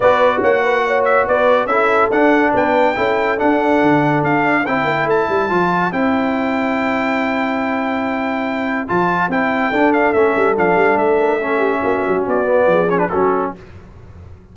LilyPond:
<<
  \new Staff \with { instrumentName = "trumpet" } { \time 4/4 \tempo 4 = 142 d''4 fis''4. e''8 d''4 | e''4 fis''4 g''2 | fis''2 f''4 g''4 | a''2 g''2~ |
g''1~ | g''4 a''4 g''4. f''8 | e''4 f''4 e''2~ | e''4 d''4. cis''16 b'16 a'4 | }
  \new Staff \with { instrumentName = "horn" } { \time 4/4 b'4 cis''8 b'8 cis''4 b'4 | a'2 b'4 a'4~ | a'2. c''4~ | c''1~ |
c''1~ | c''2. a'4~ | a'2~ a'8 ais'8 a'8 g'8 | fis'2 gis'4 fis'4 | }
  \new Staff \with { instrumentName = "trombone" } { \time 4/4 fis'1 | e'4 d'2 e'4 | d'2. e'4~ | e'4 f'4 e'2~ |
e'1~ | e'4 f'4 e'4 d'4 | cis'4 d'2 cis'4~ | cis'4. b4 cis'16 d'16 cis'4 | }
  \new Staff \with { instrumentName = "tuba" } { \time 4/4 b4 ais2 b4 | cis'4 d'4 b4 cis'4 | d'4 d4 d'4 c'8 ais8 | a8 g8 f4 c'2~ |
c'1~ | c'4 f4 c'4 d'4 | a8 g8 f8 g8 a2 | ais8 fis8 b4 f4 fis4 | }
>>